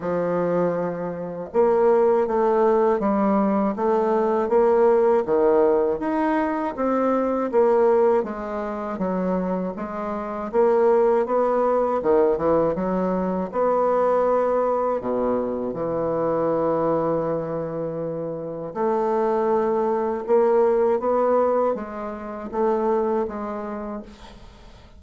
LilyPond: \new Staff \with { instrumentName = "bassoon" } { \time 4/4 \tempo 4 = 80 f2 ais4 a4 | g4 a4 ais4 dis4 | dis'4 c'4 ais4 gis4 | fis4 gis4 ais4 b4 |
dis8 e8 fis4 b2 | b,4 e2.~ | e4 a2 ais4 | b4 gis4 a4 gis4 | }